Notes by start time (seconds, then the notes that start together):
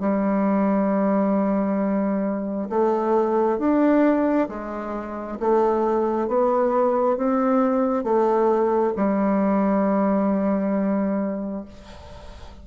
0.00 G3
2.70 A3
3.59 D4
4.49 G#3
5.40 A3
6.28 B3
7.18 C4
8.04 A3
8.97 G3